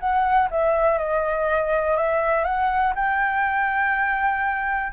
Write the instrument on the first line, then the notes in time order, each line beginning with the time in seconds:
flute
0.00 F#5
0.51 E5
0.99 D#5
1.96 E5
2.44 F#5
2.96 G5